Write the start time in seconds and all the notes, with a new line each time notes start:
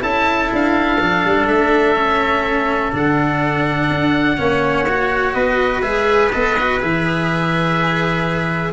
0.00 C#4 E4 A4 A5
0.53 D4 F5
0.99 F3 D4
1.24 G3
1.47 A3 E5
1.95 C#4
2.92 D3 D4 F#5
3.90 D4
4.37 A#3 C#4 C#5
4.88 F#4
5.33 B3 B4 D#5
5.81 G#3 G#4 E5
6.31 B3 A4 D#5
6.59 F#4
6.80 E3 G#4 E5